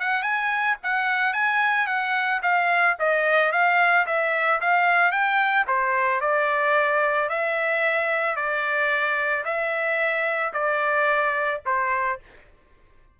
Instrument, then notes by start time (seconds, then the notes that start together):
trumpet
0.00 F#5
0.23 G#5
0.83 F#5
1.33 G#5
1.87 F#5
2.43 F5
3.00 D#5
3.52 F5
4.06 E5
4.61 F5
5.12 G5
5.68 C5
6.21 D5
7.29 E5
8.36 D5
9.45 E5
10.53 D5
11.66 C5